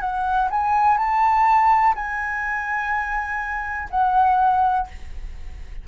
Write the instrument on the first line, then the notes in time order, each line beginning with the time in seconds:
flute
0.00 F#5
0.50 G#5
0.97 A5
1.94 G#5
3.90 F#5